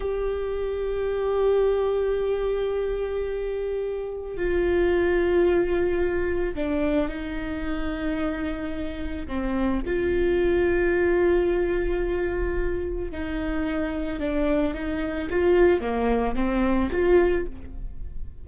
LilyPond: \new Staff \with { instrumentName = "viola" } { \time 4/4 \tempo 4 = 110 g'1~ | g'1 | f'1 | d'4 dis'2.~ |
dis'4 c'4 f'2~ | f'1 | dis'2 d'4 dis'4 | f'4 ais4 c'4 f'4 | }